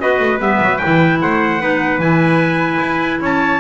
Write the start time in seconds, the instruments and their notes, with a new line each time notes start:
0.00 double bass B3, clarinet F#4, trumpet B4 D#5
0.20 double bass A3
0.39 double bass G3, clarinet B3, trumpet E5
0.60 double bass F#3
0.79 clarinet E4, trumpet G5
0.86 double bass E3
1.21 double bass A3, trumpet C5 F#5
1.61 double bass B3, clarinet D#4, trumpet B4
1.99 double bass E3, clarinet E4, trumpet G#5
2.80 double bass E4
3.21 double bass C#4, trumpet C#5 A5